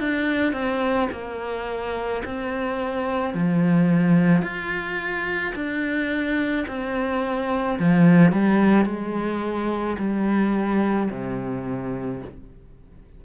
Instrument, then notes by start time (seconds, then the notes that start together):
cello
0.00 D4
0.53 C4
1.12 A#3
2.25 C4
3.34 F3
4.42 F4
5.56 D4
6.68 C4
7.79 F3
8.32 G3
8.86 G#3
9.98 G3
11.11 C3